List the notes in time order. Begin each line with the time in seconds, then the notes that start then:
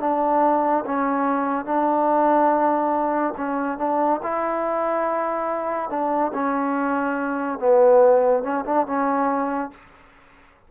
0.00 D4
0.86 C#4
1.65 D4
3.37 C#4
3.78 D4
4.23 E4
5.90 D4
6.33 C#4
7.59 B3
8.43 C#4
8.65 D4
8.86 C#4